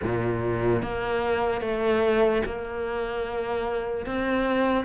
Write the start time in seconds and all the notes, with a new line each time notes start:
0.02 A#2
0.82 A#3
1.61 A3
2.45 A#3
4.06 C4